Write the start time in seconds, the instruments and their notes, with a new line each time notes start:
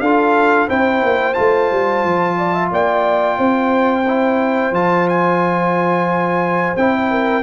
0.00 tuba D4, trombone F4, horn A4, trumpet F5
0.68 tuba C4, trombone E4, horn C5, trumpet G5
1.03 tuba A#3
1.34 tuba A3, trombone F4, trumpet A5
1.71 tuba G3
2.04 tuba F3
2.38 horn D5
2.54 horn E5
2.71 tuba A#3, horn D5, trumpet G5
3.38 tuba C4, horn C5
4.07 trombone E4
4.71 tuba F3, trombone F4, trumpet A5
5.09 trumpet G#5
6.76 tuba C4, trombone E4, trumpet G5
7.10 horn A#4